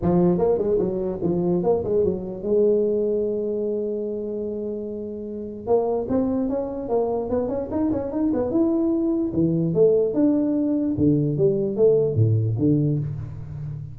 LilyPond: \new Staff \with { instrumentName = "tuba" } { \time 4/4 \tempo 4 = 148 f4 ais8 gis8 fis4 f4 | ais8 gis8 fis4 gis2~ | gis1~ | gis2 ais4 c'4 |
cis'4 ais4 b8 cis'8 dis'8 cis'8 | dis'8 b8 e'2 e4 | a4 d'2 d4 | g4 a4 a,4 d4 | }